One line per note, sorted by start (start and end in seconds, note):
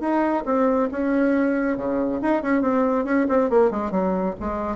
0.00 0.43 D#4
0.45 0.89 C4
0.91 1.77 C#4
1.77 2.20 C#3
2.22 2.42 D#4
2.42 2.62 C#4
2.62 3.05 C4
3.05 3.26 C#4
3.28 3.50 C4
3.50 3.70 A#3
3.70 3.91 G#3
3.91 4.35 F#3
4.40 4.76 G#3